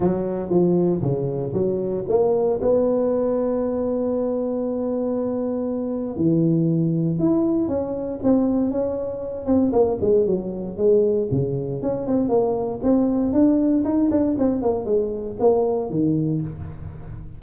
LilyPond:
\new Staff \with { instrumentName = "tuba" } { \time 4/4 \tempo 4 = 117 fis4 f4 cis4 fis4 | ais4 b2.~ | b1 | e2 e'4 cis'4 |
c'4 cis'4. c'8 ais8 gis8 | fis4 gis4 cis4 cis'8 c'8 | ais4 c'4 d'4 dis'8 d'8 | c'8 ais8 gis4 ais4 dis4 | }